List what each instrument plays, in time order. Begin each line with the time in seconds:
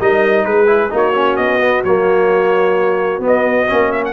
0.00 tuba G3, trombone D#4, horn A#4, trumpet D#5
0.46 tuba G#3, horn G#4, trumpet B4
0.67 trombone E4
0.91 tuba A#3, trombone D#4, horn F#4
0.97 trumpet C#5
1.15 trombone C#4
1.37 tuba B3, trumpet D#5
1.62 trombone B3
1.85 tuba F#3, trombone A#3, trumpet C#5
3.20 tuba B3, trombone B3
3.27 trumpet D#5
3.68 tuba A#3, trombone C#4
3.92 trumpet E5
4.05 trumpet F#5